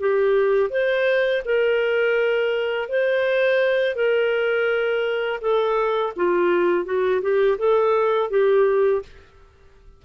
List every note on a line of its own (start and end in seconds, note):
0.00 0.70 G4
0.70 1.43 C5
1.45 2.89 A#4
2.89 3.96 C5
3.96 5.41 A#4
5.41 6.13 A4
6.16 6.85 F4
6.85 7.22 F#4
7.22 7.58 G4
7.58 8.30 A4
8.30 9.03 G4